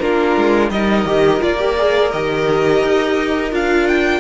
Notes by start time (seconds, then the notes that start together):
0.00 A#3 D4 F4 A#4
0.37 G#3
0.71 G3 D#4 A#4 D#5
1.05 D#3 G4
1.41 A#3 F4 D5
1.58 G4
1.78 G#4
2.12 D#3 G4 D#5
2.83 D#4
3.52 D4 F4 F5
3.88 G5